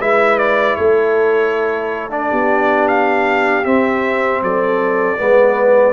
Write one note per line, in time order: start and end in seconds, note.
0.00 0.77 G#3
0.00 2.10 E4
0.00 0.77 B4
0.00 0.38 E5
0.38 0.75 D5
0.75 2.32 A3
0.75 2.30 A4
0.75 2.10 C#5
2.10 3.64 D4
2.10 2.88 D5
2.30 3.66 B3
2.30 4.42 G4
2.88 3.65 F5
3.64 5.17 C4
3.64 4.41 C4
3.64 4.42 E5
4.41 5.18 F#3
4.41 5.20 A4
4.41 5.93 D5
5.17 5.93 G#3
5.17 5.93 B3
5.17 5.93 B4